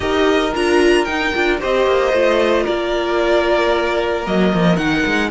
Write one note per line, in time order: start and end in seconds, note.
0.00 0.52 D#4
0.00 0.50 G4
0.00 1.60 A#4
0.00 0.53 D#5
0.54 1.07 D4
0.54 1.07 F4
0.54 1.04 A#5
1.04 1.33 D#4
1.04 1.34 D#4
1.04 1.57 G5
1.33 1.61 D4
1.33 1.59 F4
1.59 1.86 C4
1.59 2.12 G4
1.59 2.63 C5
1.59 2.65 D#5
1.86 2.12 A#3
2.12 2.65 A3
2.12 4.25 F4
2.63 4.26 A#3
2.63 5.29 A#4
2.63 4.25 D5
4.25 4.53 F#3
4.25 4.77 A#3
4.25 4.76 D#5
4.53 4.77 F3
4.76 5.03 D#3
4.76 5.30 D#4
4.76 5.29 F#5
5.05 5.31 G#3